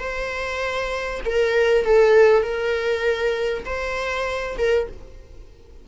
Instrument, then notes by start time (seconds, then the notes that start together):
viola
0.00 C5
1.26 A#4
1.85 A4
2.43 A#4
3.66 C5
4.58 A#4